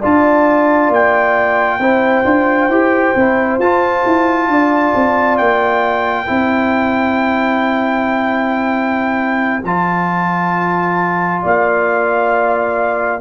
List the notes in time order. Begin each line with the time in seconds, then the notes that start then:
0.00 D4 F4 D5 A5
0.89 A#3 G5
1.79 C4 E4 C5
2.24 D4 F4
2.68 E4 G4
3.15 C4 E4
3.58 F4 A5
4.06 E4
4.48 D4 D5
4.95 C4
5.37 A#3 G5
6.26 C4 E4 C5
9.63 F3 F4 A5
11.42 A#3 D5 F5